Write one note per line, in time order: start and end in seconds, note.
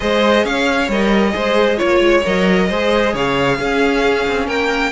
0.00 0.44 G#3
0.00 0.87 G#4
0.00 0.44 C5
0.00 0.45 D#5
0.44 0.88 C#4
0.44 1.33 C#5
0.44 0.90 F5
0.88 1.33 G3
0.88 1.31 A#4
0.88 1.78 D#5
1.31 1.80 G#3
1.31 1.76 G#4
1.31 1.76 C5
1.76 1.99 A#3
1.76 2.22 F4
1.76 2.66 C#5
1.76 2.23 C#5
1.99 2.21 G#3
2.25 2.70 F#3
2.25 2.69 A#4
2.25 3.15 D#5
2.68 3.14 G#3
2.68 3.59 G#4
2.68 3.13 C5
3.13 3.58 C#3
3.13 3.58 C#5
3.13 4.48 F5
3.58 4.26 C#4
3.58 4.91 C#4
3.58 4.46 G#4
4.26 4.47 C4
4.46 4.91 A#3
4.46 4.91 A#4
4.46 4.91 G5